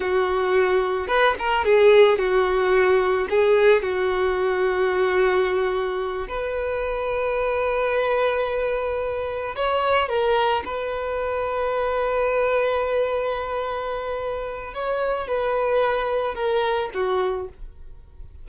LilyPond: \new Staff \with { instrumentName = "violin" } { \time 4/4 \tempo 4 = 110 fis'2 b'8 ais'8 gis'4 | fis'2 gis'4 fis'4~ | fis'2.~ fis'8 b'8~ | b'1~ |
b'4. cis''4 ais'4 b'8~ | b'1~ | b'2. cis''4 | b'2 ais'4 fis'4 | }